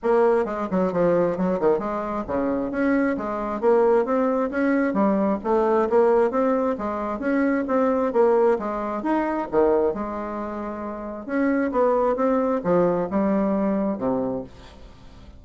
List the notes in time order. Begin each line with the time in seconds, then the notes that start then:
0.02 A#3
0.45 G#3
0.70 F#3
0.92 F3
1.37 F#3
1.60 D#3
1.78 G#3
2.27 C#3
2.71 C#4
3.17 G#3
3.60 A#3
4.05 C4
4.50 C#4
4.93 G3
5.43 A3
5.89 A#3
6.31 C4
6.78 G#3
7.19 C#4
7.67 C4
8.12 A#3
8.58 G#3
9.02 D#4
9.51 D#3
9.94 G#3
11.26 C#4
11.71 B3
12.15 C4
12.63 F3
13.10 G3
13.98 C3